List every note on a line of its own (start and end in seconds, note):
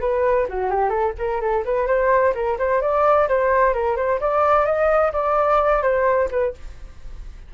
0.00 0.47 B4
0.49 0.70 F#4
0.70 0.89 G4
0.89 1.13 A4
1.18 1.40 A#4
1.40 1.64 A4
1.65 1.87 B4
1.87 2.33 C5
2.34 2.57 A#4
2.58 2.81 C5
2.81 3.28 D5
3.28 3.73 C5
3.73 3.96 A#4
3.96 4.19 C5
4.20 4.65 D5
4.65 5.12 D#5
5.12 5.82 D5
5.82 6.28 C5
6.30 6.54 B4